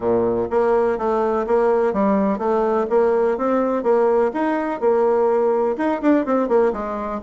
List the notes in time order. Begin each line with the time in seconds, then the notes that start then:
0.00 A#2
0.50 A#3
0.98 A3
1.46 A#3
1.93 G3
2.38 A3
2.89 A#3
3.37 C4
3.83 A#3
4.33 D#4
4.80 A#3
5.77 D#4
6.01 D4
6.25 C4
6.48 A#3
6.72 G#3